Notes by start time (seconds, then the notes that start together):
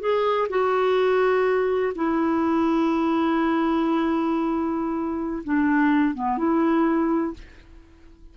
0.00 G#4
0.49 F#4
1.95 E4
5.44 D4
6.14 B3
6.38 E4